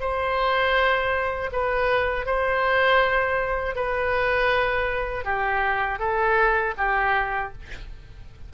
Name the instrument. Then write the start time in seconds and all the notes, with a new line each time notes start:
oboe
0.00 C5
1.52 B4
2.26 C5
3.75 B4
5.25 G4
5.99 A4
6.77 G4